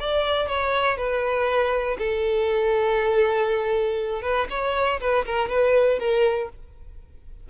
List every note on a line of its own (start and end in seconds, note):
0.00 0.48 D5
0.48 0.97 C#5
0.97 1.97 B4
1.99 4.22 A4
4.22 4.47 B4
4.50 5.00 C#5
5.00 5.25 B4
5.26 5.49 A#4
5.49 5.99 B4
6.00 6.50 A#4